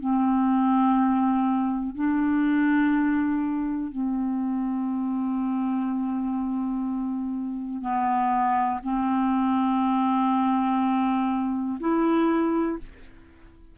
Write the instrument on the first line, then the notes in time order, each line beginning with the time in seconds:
clarinet
0.00 C4
1.95 D4
3.92 C4
7.82 B3
8.84 C4
11.80 E4